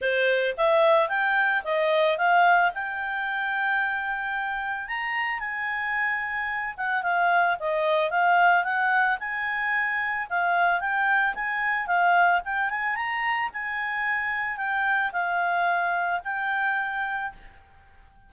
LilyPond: \new Staff \with { instrumentName = "clarinet" } { \time 4/4 \tempo 4 = 111 c''4 e''4 g''4 dis''4 | f''4 g''2.~ | g''4 ais''4 gis''2~ | gis''8 fis''8 f''4 dis''4 f''4 |
fis''4 gis''2 f''4 | g''4 gis''4 f''4 g''8 gis''8 | ais''4 gis''2 g''4 | f''2 g''2 | }